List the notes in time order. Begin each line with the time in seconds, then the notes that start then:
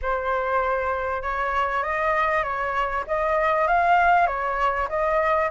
0.01 C5
1.22 C#5
1.83 D#5
2.43 C#5
3.07 D#5
3.67 F5
4.26 C#5
4.88 D#5